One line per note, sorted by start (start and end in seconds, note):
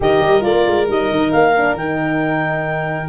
0.00 0.20 D#3
0.00 0.41 G4
0.00 3.08 A#4
0.00 0.43 D#5
0.20 0.42 G3
0.41 0.66 A#3
0.41 0.85 F4
0.41 0.87 D5
0.66 0.88 G#3
0.88 1.10 G3
0.88 1.55 D#4
0.88 1.31 D#5
1.11 1.33 D#3
1.31 1.74 A#3
1.31 1.75 F5
1.57 1.77 D4
1.74 3.07 D#3
1.74 3.08 D#4
1.74 3.08 G5